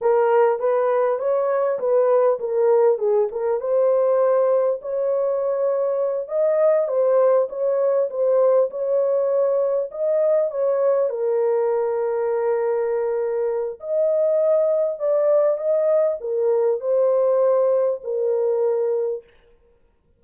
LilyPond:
\new Staff \with { instrumentName = "horn" } { \time 4/4 \tempo 4 = 100 ais'4 b'4 cis''4 b'4 | ais'4 gis'8 ais'8 c''2 | cis''2~ cis''8 dis''4 c''8~ | c''8 cis''4 c''4 cis''4.~ |
cis''8 dis''4 cis''4 ais'4.~ | ais'2. dis''4~ | dis''4 d''4 dis''4 ais'4 | c''2 ais'2 | }